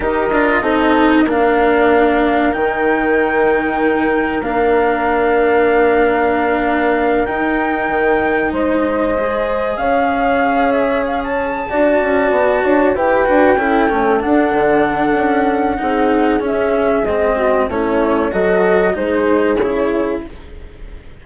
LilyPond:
<<
  \new Staff \with { instrumentName = "flute" } { \time 4/4 \tempo 4 = 95 dis''2 f''2 | g''2. f''4~ | f''2.~ f''8 g''8~ | g''4. dis''2 f''8~ |
f''4 e''8 f''16 a''2~ a''16~ | a''8 g''2 fis''4.~ | fis''2 e''4 dis''4 | cis''4 dis''4 c''4 cis''4 | }
  \new Staff \with { instrumentName = "horn" } { \time 4/4 ais'4 a'4 ais'2~ | ais'1~ | ais'1~ | ais'4. c''2 cis''8~ |
cis''2~ cis''8 d''4. | cis''8 b'4 a'2~ a'8~ | a'4 gis'2~ gis'8 fis'8 | e'4 a'4 gis'2 | }
  \new Staff \with { instrumentName = "cello" } { \time 4/4 g'8 f'8 dis'4 d'2 | dis'2. d'4~ | d'2.~ d'8 dis'8~ | dis'2~ dis'8 gis'4.~ |
gis'2~ gis'8 fis'4.~ | fis'8 g'8 fis'8 e'8 cis'8 d'4.~ | d'4 dis'4 cis'4 c'4 | cis'4 fis'4 dis'4 e'4 | }
  \new Staff \with { instrumentName = "bassoon" } { \time 4/4 dis'8 d'8 c'4 ais2 | dis2. ais4~ | ais2.~ ais8 dis'8~ | dis'8 dis4 gis2 cis'8~ |
cis'2~ cis'8 d'8 cis'8 b8 | d'8 e'8 d'8 cis'8 a8 d'8 d4 | cis'4 c'4 cis'4 gis4 | a4 fis4 gis4 cis4 | }
>>